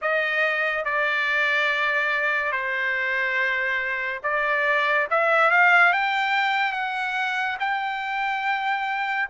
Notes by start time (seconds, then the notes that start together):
0.01 D#5
0.85 D5
2.51 C5
4.23 D5
5.10 E5
5.50 F5
5.92 G5
6.72 F#5
7.59 G5